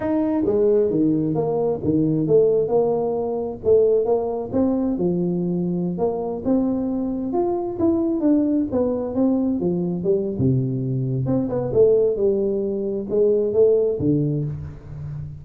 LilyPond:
\new Staff \with { instrumentName = "tuba" } { \time 4/4 \tempo 4 = 133 dis'4 gis4 dis4 ais4 | dis4 a4 ais2 | a4 ais4 c'4 f4~ | f4~ f16 ais4 c'4.~ c'16~ |
c'16 f'4 e'4 d'4 b8.~ | b16 c'4 f4 g8. c4~ | c4 c'8 b8 a4 g4~ | g4 gis4 a4 d4 | }